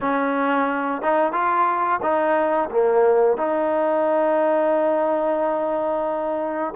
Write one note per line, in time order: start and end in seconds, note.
0.01 1.02 C#4
1.02 1.32 D#4
1.32 1.99 F4
2.02 2.69 D#4
2.70 3.37 A#3
3.37 6.74 D#4